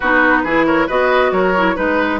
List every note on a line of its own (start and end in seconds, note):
0.00 0.44 B3
0.00 0.47 D#4
0.00 0.42 F#4
0.00 0.66 B4
0.43 0.88 E3
0.43 0.88 E4
0.43 0.66 G#4
0.66 0.87 A#4
0.66 0.88 C#5
0.87 1.31 B3
0.87 1.55 F#4
0.87 1.31 B4
0.87 1.32 D#5
1.31 1.75 F#3
1.31 1.75 A#4
1.31 1.76 C#5
1.57 1.75 E4
1.75 2.20 G#3
1.75 2.20 D#4
1.75 2.19 B4
1.75 2.20 B4